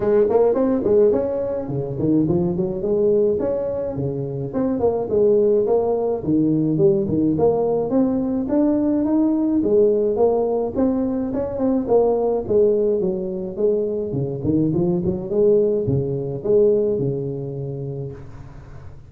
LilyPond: \new Staff \with { instrumentName = "tuba" } { \time 4/4 \tempo 4 = 106 gis8 ais8 c'8 gis8 cis'4 cis8 dis8 | f8 fis8 gis4 cis'4 cis4 | c'8 ais8 gis4 ais4 dis4 | g8 dis8 ais4 c'4 d'4 |
dis'4 gis4 ais4 c'4 | cis'8 c'8 ais4 gis4 fis4 | gis4 cis8 dis8 f8 fis8 gis4 | cis4 gis4 cis2 | }